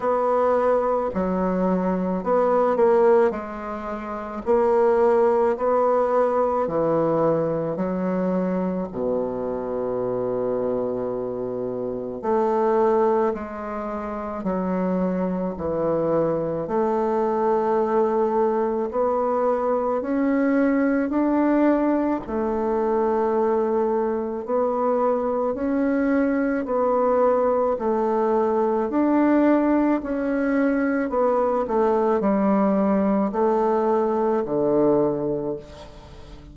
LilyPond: \new Staff \with { instrumentName = "bassoon" } { \time 4/4 \tempo 4 = 54 b4 fis4 b8 ais8 gis4 | ais4 b4 e4 fis4 | b,2. a4 | gis4 fis4 e4 a4~ |
a4 b4 cis'4 d'4 | a2 b4 cis'4 | b4 a4 d'4 cis'4 | b8 a8 g4 a4 d4 | }